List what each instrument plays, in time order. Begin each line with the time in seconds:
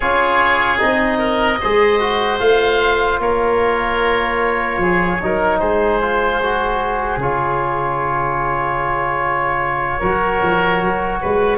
0.00 tuba C#4, trombone F4, oboe G#4 C#5
0.78 tuba C4, trombone D#4, oboe D#5
1.18 oboe A#4
1.60 tuba G#3, trombone G#4, oboe C5
1.99 trombone F#4
2.39 tuba A3, trombone F4, oboe F5
3.19 tuba A#3, oboe A#4 C#5
4.77 tuba F3, oboe G#4
5.22 tuba F#3, trombone D#4, oboe A#4
5.59 tuba G#3, oboe G#4 C5
6.01 trombone F4
6.42 trombone F#4
7.17 tuba C#3, trombone F4, oboe C#5
9.99 tuba F#3, trombone F#4, oboe A#4
10.42 tuba F3
10.82 tuba F#3
11.21 tuba G#3, oboe B4